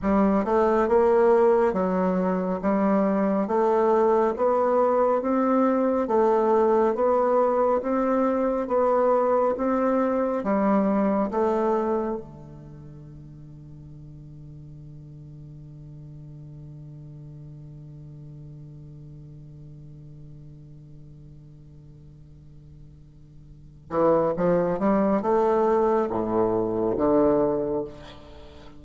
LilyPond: \new Staff \with { instrumentName = "bassoon" } { \time 4/4 \tempo 4 = 69 g8 a8 ais4 fis4 g4 | a4 b4 c'4 a4 | b4 c'4 b4 c'4 | g4 a4 d2~ |
d1~ | d1~ | d2.~ d8 e8 | f8 g8 a4 a,4 d4 | }